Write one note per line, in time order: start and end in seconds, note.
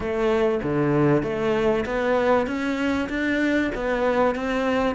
0.00 0.60 A3
0.62 1.22 D3
1.22 1.84 A3
1.85 2.46 B3
2.46 3.08 C#4
3.09 3.71 D4
3.75 4.35 B3
4.35 4.95 C4